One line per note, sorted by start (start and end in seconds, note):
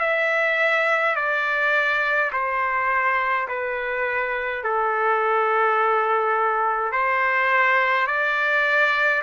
0.00 1.15 E5
1.16 2.31 D5
2.32 3.48 C5
3.48 4.64 B4
4.64 6.92 A4
6.92 8.07 C5
8.07 9.22 D5